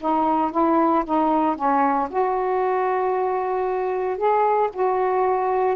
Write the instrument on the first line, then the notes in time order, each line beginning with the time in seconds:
saxophone
0.00 D#4
0.51 E4
1.05 D#4
1.56 C#4
2.09 F#4
4.17 G#4
4.73 F#4